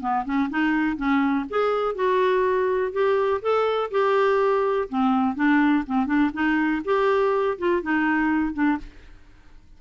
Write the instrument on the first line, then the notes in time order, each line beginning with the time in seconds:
clarinet
0.00 B3
0.25 C#4
0.49 D#4
0.96 C#4
1.50 G#4
1.95 F#4
2.92 G4
3.42 A4
3.91 G4
4.89 C4
5.35 D4
5.86 C4
6.06 D4
6.33 D#4
6.84 G4
7.58 F4
7.82 D#4
8.53 D4